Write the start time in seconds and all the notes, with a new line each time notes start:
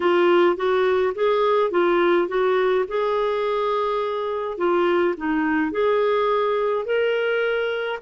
0.00 F4
0.56 F#4
1.15 G#4
1.71 F4
2.28 F#4
2.88 G#4
4.57 F4
5.17 D#4
5.71 G#4
6.85 A#4